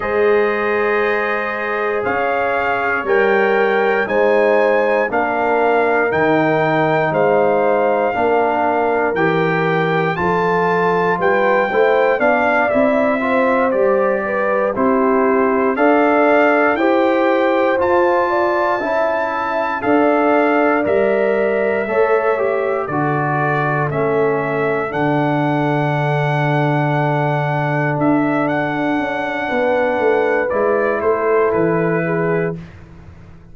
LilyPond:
<<
  \new Staff \with { instrumentName = "trumpet" } { \time 4/4 \tempo 4 = 59 dis''2 f''4 g''4 | gis''4 f''4 g''4 f''4~ | f''4 g''4 a''4 g''4 | f''8 e''4 d''4 c''4 f''8~ |
f''8 g''4 a''2 f''8~ | f''8 e''2 d''4 e''8~ | e''8 fis''2. e''8 | fis''2 d''8 c''8 b'4 | }
  \new Staff \with { instrumentName = "horn" } { \time 4/4 c''2 cis''2 | c''4 ais'2 c''4 | ais'2 a'4 b'8 c''8 | d''4 c''4 b'8 g'4 d''8~ |
d''8 c''4. d''8 e''4 d''8~ | d''4. cis''4 a'4.~ | a'1~ | a'4 b'4. a'4 gis'8 | }
  \new Staff \with { instrumentName = "trombone" } { \time 4/4 gis'2. ais'4 | dis'4 d'4 dis'2 | d'4 g'4 f'4. e'8 | d'8 e'8 f'8 g'4 e'4 a'8~ |
a'8 g'4 f'4 e'4 a'8~ | a'8 ais'4 a'8 g'8 fis'4 cis'8~ | cis'8 d'2.~ d'8~ | d'2 e'2 | }
  \new Staff \with { instrumentName = "tuba" } { \time 4/4 gis2 cis'4 g4 | gis4 ais4 dis4 gis4 | ais4 e4 f4 g8 a8 | b8 c'4 g4 c'4 d'8~ |
d'8 e'4 f'4 cis'4 d'8~ | d'8 g4 a4 d4 a8~ | a8 d2. d'8~ | d'8 cis'8 b8 a8 gis8 a8 e4 | }
>>